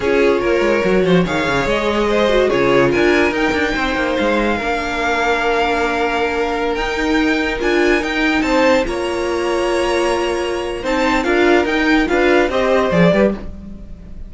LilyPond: <<
  \new Staff \with { instrumentName = "violin" } { \time 4/4 \tempo 4 = 144 cis''2. f''4 | dis''2 cis''4 gis''4 | g''2 f''2~ | f''1~ |
f''16 g''2 gis''4 g''8.~ | g''16 a''4 ais''2~ ais''8.~ | ais''2 a''4 f''4 | g''4 f''4 dis''4 d''4 | }
  \new Staff \with { instrumentName = "violin" } { \time 4/4 gis'4 ais'4. c''8 cis''4~ | cis''4 c''4 gis'4 ais'4~ | ais'4 c''2 ais'4~ | ais'1~ |
ais'1~ | ais'16 c''4 cis''2~ cis''8.~ | cis''2 c''4 ais'4~ | ais'4 b'4 c''4. b'8 | }
  \new Staff \with { instrumentName = "viola" } { \time 4/4 f'2 fis'4 gis'4~ | gis'4. fis'8 f'2 | dis'2. d'4~ | d'1~ |
d'16 dis'2 f'4 dis'8.~ | dis'4~ dis'16 f'2~ f'8.~ | f'2 dis'4 f'4 | dis'4 f'4 g'4 gis'8 g'8 | }
  \new Staff \with { instrumentName = "cello" } { \time 4/4 cis'4 ais8 gis8 fis8 f8 dis8 cis8 | gis2 cis4 d'4 | dis'8 d'8 c'8 ais8 gis4 ais4~ | ais1~ |
ais16 dis'2 d'4 dis'8.~ | dis'16 c'4 ais2~ ais8.~ | ais2 c'4 d'4 | dis'4 d'4 c'4 f8 g8 | }
>>